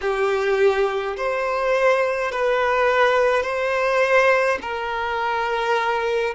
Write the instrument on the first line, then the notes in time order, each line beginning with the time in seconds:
violin
0.01 G4
1.16 C5
2.31 B4
3.42 C5
4.61 A#4